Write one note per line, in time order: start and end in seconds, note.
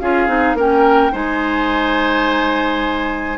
0.00 0.27 C#4
0.00 0.28 F4
0.00 0.56 G#4
0.00 0.57 F5
0.27 0.54 C4
0.27 0.56 D#4
0.54 1.11 A#3
0.54 1.12 C#4
0.54 1.12 A#4
0.54 1.15 G5
1.12 3.38 G#3
1.12 3.38 D#4
1.12 3.38 C5
1.12 3.38 G#5